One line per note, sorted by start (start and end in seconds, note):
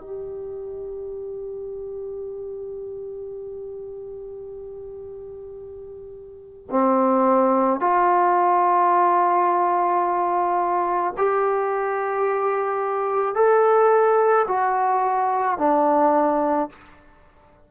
0.00 6.67 G4
6.70 7.80 C4
7.80 11.13 F4
11.17 13.35 G4
13.35 14.46 A4
14.47 15.58 F#4
15.58 16.69 D4